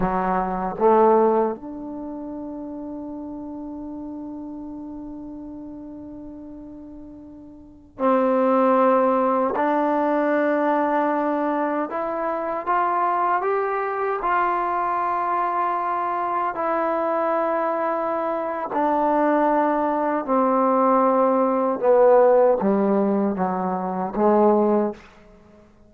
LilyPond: \new Staff \with { instrumentName = "trombone" } { \time 4/4 \tempo 4 = 77 fis4 a4 d'2~ | d'1~ | d'2~ d'16 c'4.~ c'16~ | c'16 d'2. e'8.~ |
e'16 f'4 g'4 f'4.~ f'16~ | f'4~ f'16 e'2~ e'8. | d'2 c'2 | b4 g4 fis4 gis4 | }